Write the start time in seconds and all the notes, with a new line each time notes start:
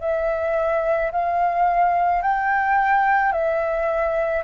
0.00 E5
1.11 F5
2.22 G5
3.32 E5